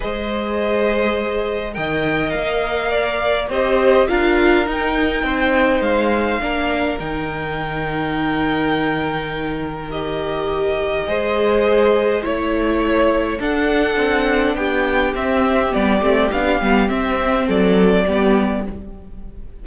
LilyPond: <<
  \new Staff \with { instrumentName = "violin" } { \time 4/4 \tempo 4 = 103 dis''2. g''4 | f''2 dis''4 f''4 | g''2 f''2 | g''1~ |
g''4 dis''2.~ | dis''4 cis''2 fis''4~ | fis''4 g''4 e''4 d''4 | f''4 e''4 d''2 | }
  \new Staff \with { instrumentName = "violin" } { \time 4/4 c''2. dis''4~ | dis''4 d''4 c''4 ais'4~ | ais'4 c''2 ais'4~ | ais'1~ |
ais'2. c''4~ | c''4 cis''2 a'4~ | a'4 g'2.~ | g'2 a'4 g'4 | }
  \new Staff \with { instrumentName = "viola" } { \time 4/4 gis'2. ais'4~ | ais'2 g'4 f'4 | dis'2. d'4 | dis'1~ |
dis'4 g'2 gis'4~ | gis'4 e'2 d'4~ | d'2 c'4 b8 c'8 | d'8 b8 c'2 b4 | }
  \new Staff \with { instrumentName = "cello" } { \time 4/4 gis2. dis4 | ais2 c'4 d'4 | dis'4 c'4 gis4 ais4 | dis1~ |
dis2. gis4~ | gis4 a2 d'4 | c'4 b4 c'4 g8 a8 | b8 g8 c'4 fis4 g4 | }
>>